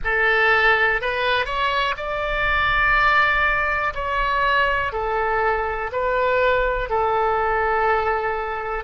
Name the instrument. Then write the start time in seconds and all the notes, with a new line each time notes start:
oboe
0.04 A4
1.01 B4
1.45 C#5
1.96 D5
3.94 C#5
4.92 A4
5.92 B4
6.89 A4